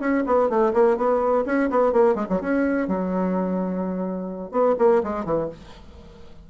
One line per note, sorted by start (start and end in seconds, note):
0.00 0.24 C#4
0.26 0.49 B3
0.49 0.73 A3
0.74 0.97 A#3
0.97 1.45 B3
1.46 1.70 C#4
1.70 1.93 B3
1.93 2.15 A#3
2.15 2.27 G#3
2.29 2.41 F#3
2.41 2.88 C#4
2.88 4.52 F#3
4.52 4.75 B3
4.79 5.03 A#3
5.04 5.25 G#3
5.25 5.49 E3